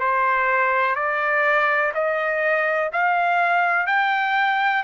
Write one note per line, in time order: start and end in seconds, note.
0.00 0.95 C5
0.95 1.92 D5
1.94 2.91 D#5
2.93 3.87 F5
3.87 4.83 G5